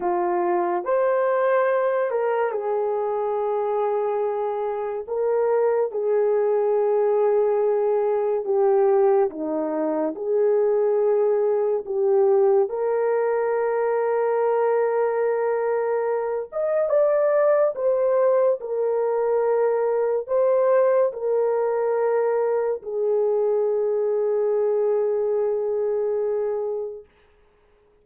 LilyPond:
\new Staff \with { instrumentName = "horn" } { \time 4/4 \tempo 4 = 71 f'4 c''4. ais'8 gis'4~ | gis'2 ais'4 gis'4~ | gis'2 g'4 dis'4 | gis'2 g'4 ais'4~ |
ais'2.~ ais'8 dis''8 | d''4 c''4 ais'2 | c''4 ais'2 gis'4~ | gis'1 | }